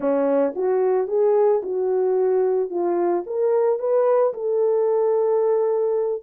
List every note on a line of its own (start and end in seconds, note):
0.00 0.54 C#4
0.55 1.07 F#4
1.07 1.61 G#4
1.62 2.70 F#4
2.70 3.24 F4
3.26 3.79 A#4
3.79 4.33 B4
4.33 6.22 A4